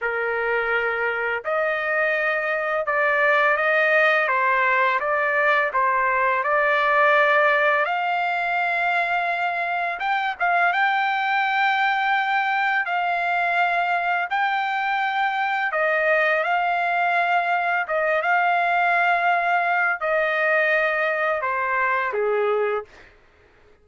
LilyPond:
\new Staff \with { instrumentName = "trumpet" } { \time 4/4 \tempo 4 = 84 ais'2 dis''2 | d''4 dis''4 c''4 d''4 | c''4 d''2 f''4~ | f''2 g''8 f''8 g''4~ |
g''2 f''2 | g''2 dis''4 f''4~ | f''4 dis''8 f''2~ f''8 | dis''2 c''4 gis'4 | }